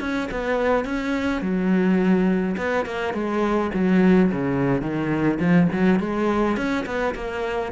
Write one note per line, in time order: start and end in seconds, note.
0.00 0.29 C#4
0.31 0.85 B3
0.85 1.41 C#4
1.41 2.56 F#3
2.57 2.85 B3
2.85 3.14 A#3
3.14 3.71 G#3
3.74 4.31 F#3
4.31 4.82 C#3
4.82 5.39 D#3
5.39 5.68 F3
5.72 5.99 F#3
5.99 6.57 G#3
6.57 6.85 C#4
6.86 7.14 B3
7.15 7.72 A#3